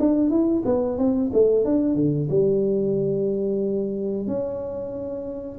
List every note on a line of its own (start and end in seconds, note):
0.00 0.30 D4
0.30 0.63 E4
0.65 0.98 B3
0.98 1.31 C4
1.33 1.65 A3
1.65 1.95 D4
1.95 2.28 D3
2.30 4.27 G3
4.27 5.59 C#4